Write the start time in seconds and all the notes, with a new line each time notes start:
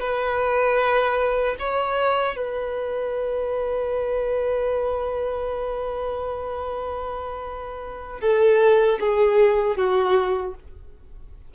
0.00 B4
1.59 C#5
2.36 B4
8.21 A4
9.00 G#4
9.77 F#4